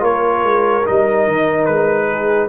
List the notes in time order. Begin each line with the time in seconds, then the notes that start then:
0.00 A#3 F4 A#4 C#5
0.44 G#3
0.85 G3 D#4 D#5
1.27 D#3
1.66 G#3 B4
2.11 G#4